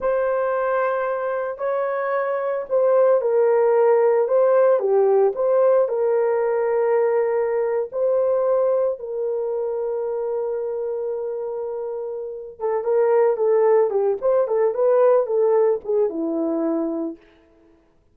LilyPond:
\new Staff \with { instrumentName = "horn" } { \time 4/4 \tempo 4 = 112 c''2. cis''4~ | cis''4 c''4 ais'2 | c''4 g'4 c''4 ais'4~ | ais'2~ ais'8. c''4~ c''16~ |
c''8. ais'2.~ ais'16~ | ais'2.~ ais'8 a'8 | ais'4 a'4 g'8 c''8 a'8 b'8~ | b'8 a'4 gis'8 e'2 | }